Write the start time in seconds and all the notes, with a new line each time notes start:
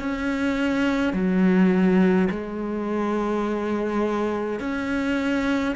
0.00 C#4
1.13 F#3
2.31 G#3
4.60 C#4